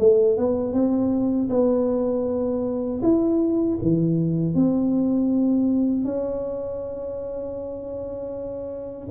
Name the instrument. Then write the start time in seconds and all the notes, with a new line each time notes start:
tuba
0.00 A3
0.38 B3
0.74 C4
1.50 B3
3.03 E4
3.82 E3
4.55 C4
6.05 C#4